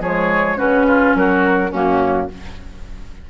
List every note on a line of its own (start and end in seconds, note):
0.00 0.57 F3
0.00 0.56 G#3
0.00 0.57 G#4
0.00 0.59 C#5
0.56 1.15 C#3
0.56 1.71 C#4
0.56 0.86 F#4
0.56 1.16 B4
0.88 1.16 F4
1.15 1.72 F#3
1.15 1.71 F#4
1.15 1.73 A#4
1.71 2.30 F#2
1.71 2.29 A#3
1.71 2.28 C#4
1.71 2.30 F#4